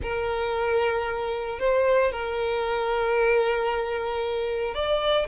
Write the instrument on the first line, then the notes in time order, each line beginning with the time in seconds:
violin
0.02 A#4
1.59 C5
2.11 A#4
4.74 D5